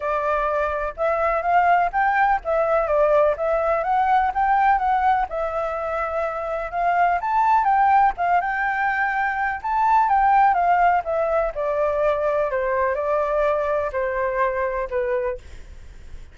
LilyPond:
\new Staff \with { instrumentName = "flute" } { \time 4/4 \tempo 4 = 125 d''2 e''4 f''4 | g''4 e''4 d''4 e''4 | fis''4 g''4 fis''4 e''4~ | e''2 f''4 a''4 |
g''4 f''8 g''2~ g''8 | a''4 g''4 f''4 e''4 | d''2 c''4 d''4~ | d''4 c''2 b'4 | }